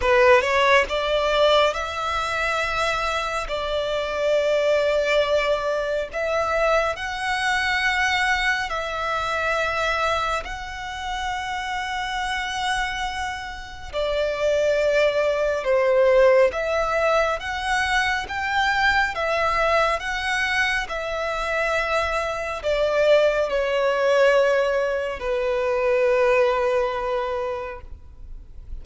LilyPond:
\new Staff \with { instrumentName = "violin" } { \time 4/4 \tempo 4 = 69 b'8 cis''8 d''4 e''2 | d''2. e''4 | fis''2 e''2 | fis''1 |
d''2 c''4 e''4 | fis''4 g''4 e''4 fis''4 | e''2 d''4 cis''4~ | cis''4 b'2. | }